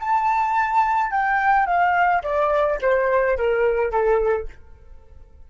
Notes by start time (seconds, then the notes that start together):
0.00 A5
1.11 G5
1.67 F5
2.24 D5
2.82 C5
3.37 A#4
3.92 A4